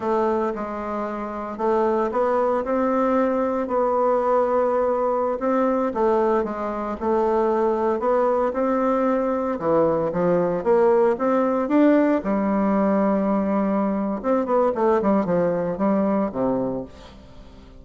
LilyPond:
\new Staff \with { instrumentName = "bassoon" } { \time 4/4 \tempo 4 = 114 a4 gis2 a4 | b4 c'2 b4~ | b2~ b16 c'4 a8.~ | a16 gis4 a2 b8.~ |
b16 c'2 e4 f8.~ | f16 ais4 c'4 d'4 g8.~ | g2. c'8 b8 | a8 g8 f4 g4 c4 | }